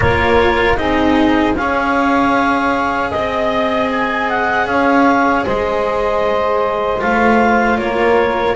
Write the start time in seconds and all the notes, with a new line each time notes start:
0.00 A#3 F4 A#4 C#5
0.76 C4 D#4 G#4 D#5
1.56 C#4 G#4 C#5 F5
3.10 C4 D#5
3.90 G#5
4.29 F#5
4.66 C#4 C#5 F5
5.45 G#3 C5 D#5
6.99 A3 F4 F5
7.78 A#3 A#4 C#5